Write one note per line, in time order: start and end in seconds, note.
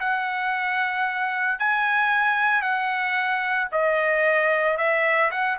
0.00 1.59 F#5
1.59 2.62 G#5
2.62 3.68 F#5
3.72 4.78 D#5
4.78 5.31 E5
5.31 5.58 F#5